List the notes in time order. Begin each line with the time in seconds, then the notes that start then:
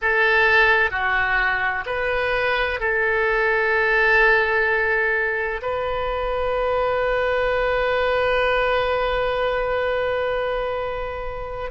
0.01 A4
0.90 F#4
1.86 B4
2.80 A4
5.62 B4